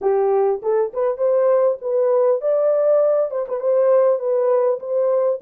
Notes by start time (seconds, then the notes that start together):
0.01 G4
0.62 A4
0.93 B4
1.17 C5
1.81 B4
2.41 D5
3.31 C5
3.48 B4
3.60 C5
4.19 B4
4.79 C5